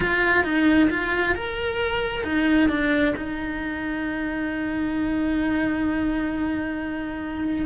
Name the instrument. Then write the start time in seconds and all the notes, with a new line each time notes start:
cello
0.00 F4
0.43 D#4
0.90 F4
1.35 A#4
2.24 D#4
2.69 D4
3.16 D#4